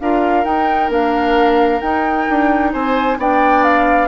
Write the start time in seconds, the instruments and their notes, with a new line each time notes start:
0.00 bassoon D4, clarinet F4, oboe A#4, flute F5
0.44 clarinet D#4, bassoon D#4, flute G5
0.89 bassoon A#3, clarinet D4, flute F5
1.80 bassoon D#4, clarinet D#4, flute G5
2.29 bassoon D4
2.73 bassoon C4, oboe C5, flute G#5
3.17 bassoon B3, clarinet D4, oboe D5, flute G5
3.63 flute F5